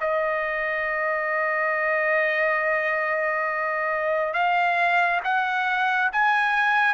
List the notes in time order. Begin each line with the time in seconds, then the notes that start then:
0.00 D#5
4.33 F5
5.24 F#5
6.12 G#5